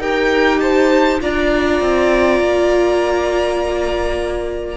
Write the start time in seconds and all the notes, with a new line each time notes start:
0.00 D#4 G4 A#4 G5
0.60 C5 A5
1.20 D4 F4 D5 A#5
1.81 C4
2.40 A#3